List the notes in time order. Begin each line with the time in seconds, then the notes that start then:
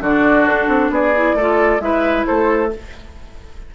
0.00 D3 D4 F#4 D5
0.47 D4 A4
0.68 C4
0.90 B3 G#4 D5
1.15 E4
1.34 A3 F4 A4
1.80 G#3 E4 B4 E5
2.26 A3 A4 C5